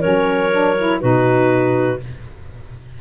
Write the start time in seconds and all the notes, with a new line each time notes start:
0.00 F#3 C#4 A#4 C#5
0.51 D4
0.78 E4
1.01 B2 D#4 F#4 B4